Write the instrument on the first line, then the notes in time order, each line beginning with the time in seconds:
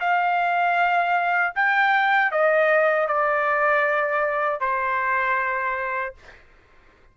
trumpet
0.00 F5
1.55 G5
2.32 D#5
3.08 D5
4.60 C5